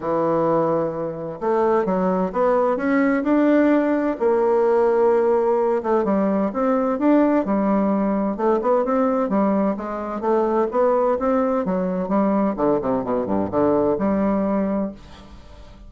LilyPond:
\new Staff \with { instrumentName = "bassoon" } { \time 4/4 \tempo 4 = 129 e2. a4 | fis4 b4 cis'4 d'4~ | d'4 ais2.~ | ais8 a8 g4 c'4 d'4 |
g2 a8 b8 c'4 | g4 gis4 a4 b4 | c'4 fis4 g4 d8 c8 | b,8 g,8 d4 g2 | }